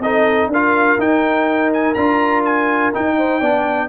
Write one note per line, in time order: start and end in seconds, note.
0.00 0.48 C4
0.00 0.53 D#4
0.00 0.51 A4
0.00 0.51 D#5
0.48 0.96 D4
0.48 3.17 A#4
0.54 0.99 F4
0.54 1.01 F5
0.98 1.95 D#4
0.98 1.96 D#4
0.98 1.73 G5
1.73 1.95 G#5
1.95 2.93 D4
1.95 2.94 F4
1.95 2.43 A#5
2.45 2.94 G#5
2.94 3.42 D#4
2.94 3.41 D#4
2.94 3.89 G5
3.17 3.40 C5
3.40 3.89 B3
3.40 3.89 D4
3.40 3.89 D5